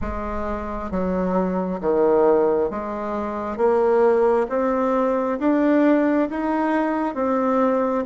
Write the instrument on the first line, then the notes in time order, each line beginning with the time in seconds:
bassoon
0.01 G#3
0.90 F#3
1.80 D#3
2.70 G#3
3.57 A#3
4.49 C4
5.39 D4
6.30 D#4
7.14 C4